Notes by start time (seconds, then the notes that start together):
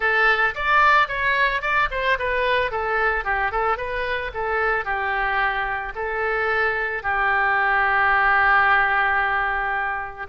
0.00 A4
0.54 D5
1.08 C#5
1.61 D5
1.90 C5
2.18 B4
2.71 A4
3.24 G4
3.51 A4
3.77 B4
4.33 A4
4.85 G4
5.95 A4
7.02 G4